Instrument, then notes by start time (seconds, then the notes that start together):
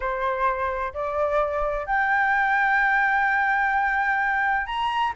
flute
0.00 C5
0.93 D5
1.86 G5
4.66 A#5